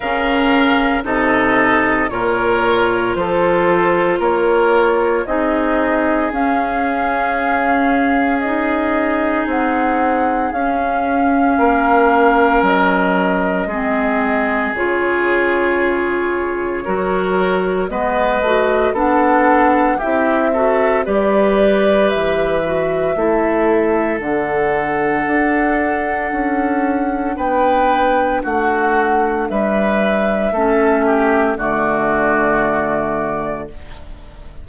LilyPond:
<<
  \new Staff \with { instrumentName = "flute" } { \time 4/4 \tempo 4 = 57 f''4 dis''4 cis''4 c''4 | cis''4 dis''4 f''2 | dis''4 fis''4 f''2 | dis''2 cis''2~ |
cis''4 dis''4 fis''4 e''4 | d''4 e''2 fis''4~ | fis''2 g''4 fis''4 | e''2 d''2 | }
  \new Staff \with { instrumentName = "oboe" } { \time 4/4 ais'4 a'4 ais'4 a'4 | ais'4 gis'2.~ | gis'2. ais'4~ | ais'4 gis'2. |
ais'4 b'4 a'4 g'8 a'8 | b'2 a'2~ | a'2 b'4 fis'4 | b'4 a'8 g'8 fis'2 | }
  \new Staff \with { instrumentName = "clarinet" } { \time 4/4 cis'4 dis'4 f'2~ | f'4 dis'4 cis'2 | dis'2 cis'2~ | cis'4 c'4 f'2 |
fis'4 b8 fis'8 d'4 e'8 fis'8 | g'4. fis'8 e'4 d'4~ | d'1~ | d'4 cis'4 a2 | }
  \new Staff \with { instrumentName = "bassoon" } { \time 4/4 cis4 c4 ais,4 f4 | ais4 c'4 cis'2~ | cis'4 c'4 cis'4 ais4 | fis4 gis4 cis2 |
fis4 gis8 a8 b4 c'4 | g4 e4 a4 d4 | d'4 cis'4 b4 a4 | g4 a4 d2 | }
>>